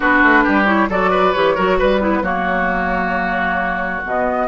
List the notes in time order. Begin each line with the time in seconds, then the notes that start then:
0.00 B3 D4 F#4 B4
0.22 A3
0.43 G3 G4
0.65 E4 C#5
0.89 F#3 F#4 A4 D5
1.10 B4
1.33 E3 G4 C#5
1.55 F#3 F#4 A#4
1.79 G3 B4
2.00 B3 E4
2.22 F#3 A#3 F#4 C#5
4.04 B2 B3 D#5